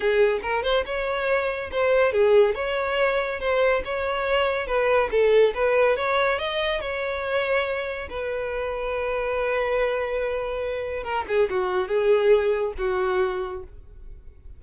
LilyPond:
\new Staff \with { instrumentName = "violin" } { \time 4/4 \tempo 4 = 141 gis'4 ais'8 c''8 cis''2 | c''4 gis'4 cis''2 | c''4 cis''2 b'4 | a'4 b'4 cis''4 dis''4 |
cis''2. b'4~ | b'1~ | b'2 ais'8 gis'8 fis'4 | gis'2 fis'2 | }